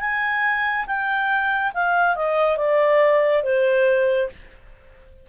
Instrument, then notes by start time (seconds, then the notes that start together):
clarinet
0.00 G#5
0.87 G5
1.74 F5
2.15 D#5
2.58 D5
3.44 C5